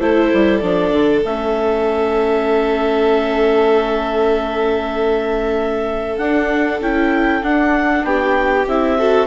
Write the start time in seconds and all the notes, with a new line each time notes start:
0.00 A3 E4 A4 C5
0.33 G3
0.58 F3 D4 D5
0.93 D3
1.24 A3 C#4 E5
6.18 D4 F#5
6.80 C#4 E4 G5
7.43 D4 F#5
8.04 B3 G4 G5
8.67 C4 E4 E5
8.98 F#4 A4